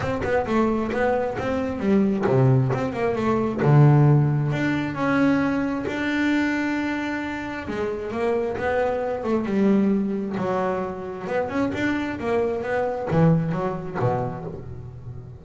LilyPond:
\new Staff \with { instrumentName = "double bass" } { \time 4/4 \tempo 4 = 133 c'8 b8 a4 b4 c'4 | g4 c4 c'8 ais8 a4 | d2 d'4 cis'4~ | cis'4 d'2.~ |
d'4 gis4 ais4 b4~ | b8 a8 g2 fis4~ | fis4 b8 cis'8 d'4 ais4 | b4 e4 fis4 b,4 | }